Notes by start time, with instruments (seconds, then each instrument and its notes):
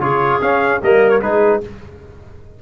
0.00 tuba C#3, trombone F4, clarinet G#4, trumpet C#5
0.41 trombone C#4, tuba C#4, trumpet F5
0.81 tuba G3, trombone A#3, clarinet A#4, trumpet D#5
1.10 trumpet C#5
1.21 tuba G#3, trombone D#4, clarinet G#4, trumpet B4